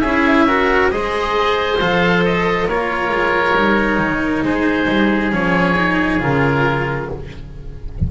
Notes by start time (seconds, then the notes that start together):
0.00 C#4 E4 G#4 E5
0.47 F#4 A#4
0.90 G#3 G#4 C5 D#5
1.80 F3 A4 F5
2.25 D#5
2.68 A#3 F4 A#4 C#5
3.09 G#3
3.55 G3 D#4
3.98 D#3
4.42 G#3 G#4 C5
4.88 G3
5.31 F3 C#4 C#5
5.76 D#4
6.20 C#3 F4 A#4